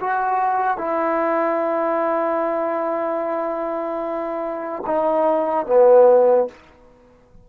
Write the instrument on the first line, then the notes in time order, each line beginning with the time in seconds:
trombone
0.00 F#4
0.77 E4
4.86 D#4
5.66 B3